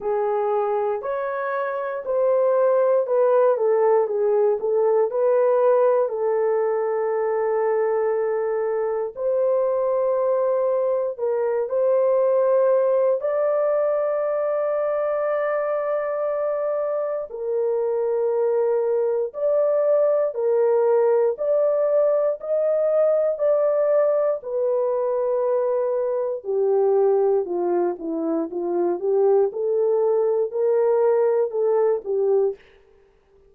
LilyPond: \new Staff \with { instrumentName = "horn" } { \time 4/4 \tempo 4 = 59 gis'4 cis''4 c''4 b'8 a'8 | gis'8 a'8 b'4 a'2~ | a'4 c''2 ais'8 c''8~ | c''4 d''2.~ |
d''4 ais'2 d''4 | ais'4 d''4 dis''4 d''4 | b'2 g'4 f'8 e'8 | f'8 g'8 a'4 ais'4 a'8 g'8 | }